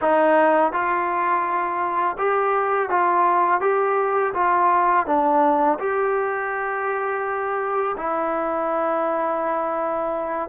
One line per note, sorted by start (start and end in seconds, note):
0.01 0.72 D#4
0.72 2.17 F4
2.18 2.89 G4
2.89 3.60 F4
3.60 4.33 G4
4.34 5.06 F4
5.06 5.78 D4
5.79 7.96 G4
7.97 10.49 E4